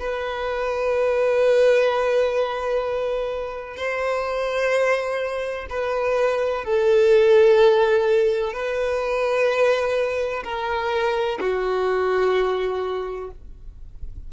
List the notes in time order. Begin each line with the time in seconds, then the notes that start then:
0.00 B4
3.77 C5
5.70 B4
6.65 A4
8.53 B4
10.44 A#4
11.40 F#4